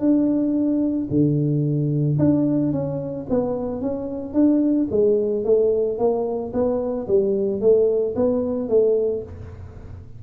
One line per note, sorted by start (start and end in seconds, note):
0.00 1.08 D4
1.10 2.18 D3
2.19 2.73 D4
2.73 3.27 C#4
3.30 3.82 B3
3.82 4.34 C#4
4.34 4.88 D4
4.91 5.45 G#3
5.45 5.99 A3
5.99 6.53 A#3
6.54 7.08 B3
7.08 7.61 G3
7.61 8.15 A3
8.16 8.69 B3
8.69 9.23 A3